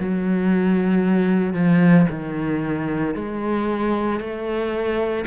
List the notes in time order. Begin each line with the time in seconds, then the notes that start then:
0.00 F#3
1.54 F3
2.11 D#3
3.15 G#3
4.20 A3